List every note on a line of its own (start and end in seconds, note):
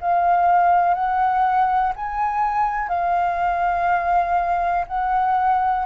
0.00 0.94 F5
0.94 1.92 F#5
1.96 2.88 G#5
2.88 4.85 F5
4.87 5.85 F#5